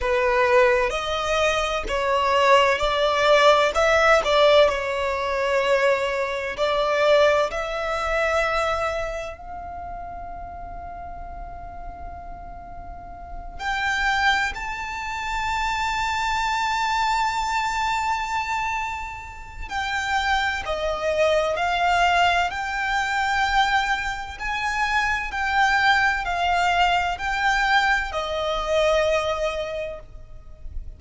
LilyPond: \new Staff \with { instrumentName = "violin" } { \time 4/4 \tempo 4 = 64 b'4 dis''4 cis''4 d''4 | e''8 d''8 cis''2 d''4 | e''2 f''2~ | f''2~ f''8 g''4 a''8~ |
a''1~ | a''4 g''4 dis''4 f''4 | g''2 gis''4 g''4 | f''4 g''4 dis''2 | }